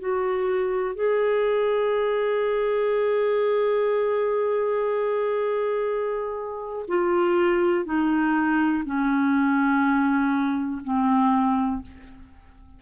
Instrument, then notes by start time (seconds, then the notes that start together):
clarinet
0.00 F#4
0.96 G#4
6.89 F4
7.86 D#4
8.85 C#4
10.84 C4